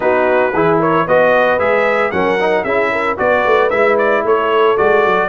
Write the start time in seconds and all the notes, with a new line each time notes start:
0.00 B3 D#4 F#4 B4
0.53 E3 E4 G#4
0.79 A#4 C#5
1.07 B3 F#4 B4 D#5
1.58 G#3 G#4 E5
2.11 F#3 C#4 A#4 F#5
2.40 D#4
2.63 C#4 E4 G#4 E5
2.91 A#4
3.17 B3 F#4 B4 D5
3.45 A3
3.70 G#3 E4 E5
3.98 D5
4.24 A3 A4 C#5
4.77 G#3 F#4 D5
5.06 F#3